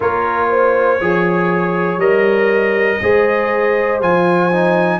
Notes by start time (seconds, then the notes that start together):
0.00 A#3 F4 A#4 C#5
0.50 C5
0.99 F3 G#4 C#5
1.97 G3 A#4 D#5
3.01 G#3 G#4 C5
4.01 F3 F4 G#5
4.51 D#4